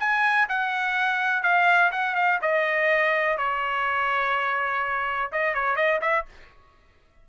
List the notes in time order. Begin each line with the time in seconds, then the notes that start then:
0.00 G#5
0.49 F#5
1.43 F5
1.92 F#5
2.16 F5
2.42 D#5
3.38 C#5
5.33 D#5
5.55 C#5
5.76 D#5
6.02 E5